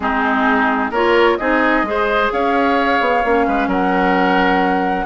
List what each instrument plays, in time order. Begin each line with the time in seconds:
0.00 bassoon G#3, clarinet C4, oboe D#4, flute G#4
0.90 bassoon A#3, clarinet F4, oboe A#4, flute C#5
1.36 bassoon C4, clarinet D#4, oboe G#4, flute D#5
1.82 bassoon G#3, clarinet G#4
1.89 oboe C5
2.32 bassoon C#4, oboe C#5, flute F5
3.00 bassoon B3
3.24 bassoon A#3, clarinet C#4
3.46 bassoon G#3, oboe B4
3.67 bassoon F#3, oboe A#4, flute F#5